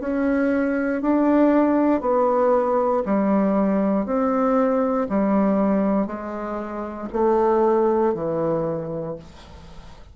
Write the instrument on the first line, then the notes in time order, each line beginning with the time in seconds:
bassoon
0.00 C#4
1.02 D4
2.01 B3
3.05 G3
4.05 C4
5.09 G3
6.06 G#3
7.12 A3
8.14 E3